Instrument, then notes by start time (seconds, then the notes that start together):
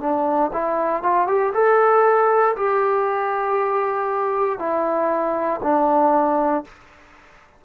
trombone
0.00 D4
0.53 E4
1.03 F4
1.28 G4
1.54 A4
2.56 G4
4.59 E4
5.63 D4